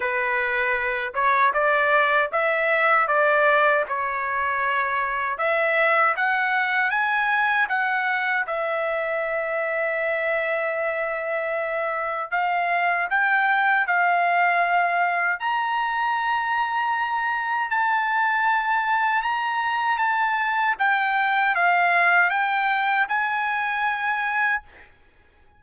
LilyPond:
\new Staff \with { instrumentName = "trumpet" } { \time 4/4 \tempo 4 = 78 b'4. cis''8 d''4 e''4 | d''4 cis''2 e''4 | fis''4 gis''4 fis''4 e''4~ | e''1 |
f''4 g''4 f''2 | ais''2. a''4~ | a''4 ais''4 a''4 g''4 | f''4 g''4 gis''2 | }